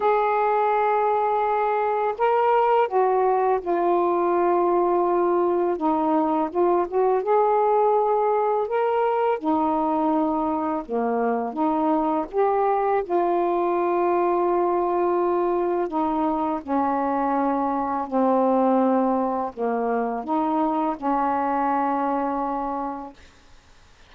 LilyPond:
\new Staff \with { instrumentName = "saxophone" } { \time 4/4 \tempo 4 = 83 gis'2. ais'4 | fis'4 f'2. | dis'4 f'8 fis'8 gis'2 | ais'4 dis'2 ais4 |
dis'4 g'4 f'2~ | f'2 dis'4 cis'4~ | cis'4 c'2 ais4 | dis'4 cis'2. | }